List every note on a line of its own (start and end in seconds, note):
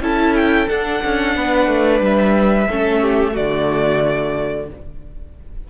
0.00 0.67 C#4
0.00 0.68 E4
0.00 1.35 A4
0.00 0.35 A5
0.35 0.68 G5
0.68 2.68 D4
0.68 1.03 D4
0.68 2.02 F#5
1.04 1.36 C#4
1.36 1.67 B3
1.36 2.68 B4
1.67 2.00 A3
2.00 2.67 G3
2.00 3.36 E5
2.68 3.37 A3
2.68 3.32 C#4
2.68 3.01 A4
3.01 3.33 G4
3.32 4.70 D3
3.32 4.65 A3
3.32 4.66 F#4
3.32 4.69 D5